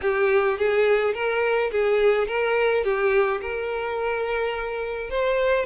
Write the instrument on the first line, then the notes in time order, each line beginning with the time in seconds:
violin
0.01 G4
0.58 G#4
1.14 A#4
1.71 G#4
2.27 A#4
2.84 G4
3.41 A#4
5.10 C5